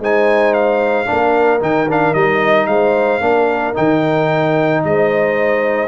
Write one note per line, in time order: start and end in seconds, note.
0.00 1.07 G#3
0.00 1.06 D#4
0.00 1.08 C5
0.00 0.54 G#5
0.54 1.61 F5
1.06 1.62 A#3
1.06 1.60 D4
1.06 2.69 A#4
1.60 2.15 D#3
1.60 1.87 D#4
1.60 1.90 G5
1.90 2.16 D4
1.90 2.14 F5
2.14 2.68 G3
2.14 3.21 D#4
2.14 2.67 D#5
2.67 3.21 G#3
2.67 3.22 C5
2.67 3.74 F5
3.21 3.75 A#3
3.21 3.74 D4
3.21 4.82 A#4
3.74 4.85 D#3
3.74 5.89 D#4
3.74 4.84 G5
4.85 5.89 G#3
4.85 5.89 C5
4.85 5.89 D#5